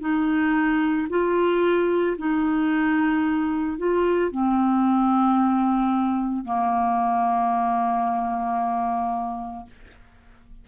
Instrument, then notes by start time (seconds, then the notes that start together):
clarinet
0.00 D#4
1.09 F4
2.18 D#4
3.77 F4
4.31 C4
6.44 A#3